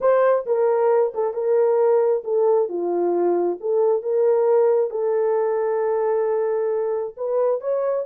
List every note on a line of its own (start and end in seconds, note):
0.00 0.45 C5
0.46 1.13 A#4
1.14 1.33 A4
1.33 2.23 A#4
2.23 2.68 A4
2.68 3.58 F4
3.60 4.02 A4
4.02 4.90 A#4
4.90 7.14 A4
7.16 7.60 B4
7.60 8.05 C#5